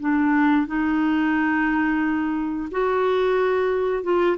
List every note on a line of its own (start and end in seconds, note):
0.00 0.67 D4
0.67 2.69 D#4
2.71 4.03 F#4
4.03 4.37 F4